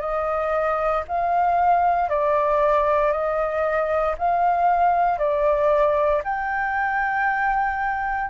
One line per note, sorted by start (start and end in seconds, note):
0.00 1.03 D#5
1.08 2.09 F5
2.09 3.12 D5
3.12 4.15 D#5
4.18 5.18 F5
5.18 6.22 D5
6.24 8.29 G5